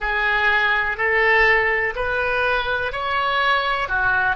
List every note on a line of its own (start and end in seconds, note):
0.00 0.97 G#4
0.97 1.94 A4
1.95 2.92 B4
2.92 3.88 C#5
3.88 4.35 F#4